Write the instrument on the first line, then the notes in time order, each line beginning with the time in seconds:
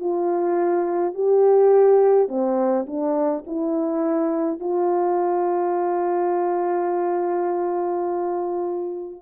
horn
0.00 F4
1.14 G4
2.28 C4
2.87 D4
3.47 E4
4.60 F4